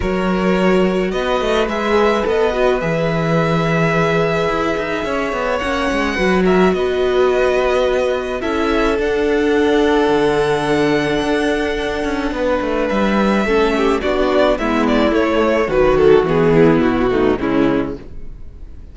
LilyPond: <<
  \new Staff \with { instrumentName = "violin" } { \time 4/4 \tempo 4 = 107 cis''2 dis''4 e''4 | dis''4 e''2.~ | e''2 fis''4. e''8 | dis''2. e''4 |
fis''1~ | fis''2. e''4~ | e''4 d''4 e''8 d''8 cis''4 | b'8 a'8 gis'4 fis'4 e'4 | }
  \new Staff \with { instrumentName = "violin" } { \time 4/4 ais'2 b'2~ | b'1~ | b'4 cis''2 b'8 ais'8 | b'2. a'4~ |
a'1~ | a'2 b'2 | a'8 g'8 fis'4 e'2 | fis'4. e'4 dis'8 cis'4 | }
  \new Staff \with { instrumentName = "viola" } { \time 4/4 fis'2. gis'4 | a'8 fis'8 gis'2.~ | gis'2 cis'4 fis'4~ | fis'2. e'4 |
d'1~ | d'1 | cis'4 d'4 b4 a4 | fis4 b4. a8 gis4 | }
  \new Staff \with { instrumentName = "cello" } { \time 4/4 fis2 b8 a8 gis4 | b4 e2. | e'8 dis'8 cis'8 b8 ais8 gis8 fis4 | b2. cis'4 |
d'2 d2 | d'4. cis'8 b8 a8 g4 | a4 b4 gis4 a4 | dis4 e4 b,4 cis4 | }
>>